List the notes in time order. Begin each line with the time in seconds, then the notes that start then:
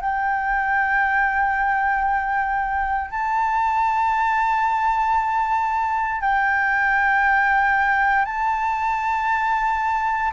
0.00 G5
3.10 A5
6.21 G5
8.25 A5